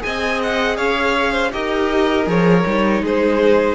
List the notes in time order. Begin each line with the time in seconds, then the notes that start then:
0.00 G#4 G#5
0.06 C4 D#5
0.43 F#5
0.77 C#4 C#5 F5
1.33 C5
1.52 D#4 G4 A#4 D#5
2.27 F3 G#4 C#5
2.66 G3 D#4
3.02 G#3 G#4 C5